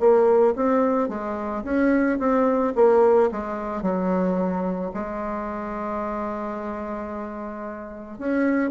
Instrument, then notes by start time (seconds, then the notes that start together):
bassoon
0.00 A#3
0.56 C4
1.09 G#3
1.64 C#4
2.19 C4
2.76 A#3
3.31 G#3
3.82 F#3
4.94 G#3
8.19 C#4